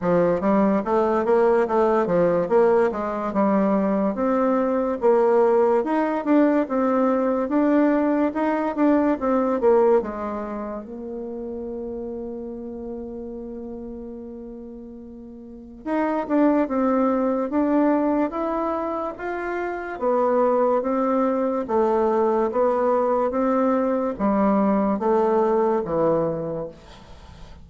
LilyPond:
\new Staff \with { instrumentName = "bassoon" } { \time 4/4 \tempo 4 = 72 f8 g8 a8 ais8 a8 f8 ais8 gis8 | g4 c'4 ais4 dis'8 d'8 | c'4 d'4 dis'8 d'8 c'8 ais8 | gis4 ais2.~ |
ais2. dis'8 d'8 | c'4 d'4 e'4 f'4 | b4 c'4 a4 b4 | c'4 g4 a4 e4 | }